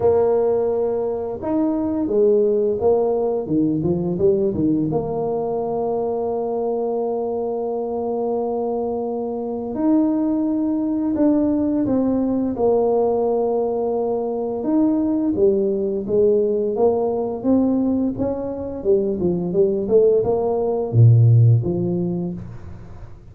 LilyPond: \new Staff \with { instrumentName = "tuba" } { \time 4/4 \tempo 4 = 86 ais2 dis'4 gis4 | ais4 dis8 f8 g8 dis8 ais4~ | ais1~ | ais2 dis'2 |
d'4 c'4 ais2~ | ais4 dis'4 g4 gis4 | ais4 c'4 cis'4 g8 f8 | g8 a8 ais4 ais,4 f4 | }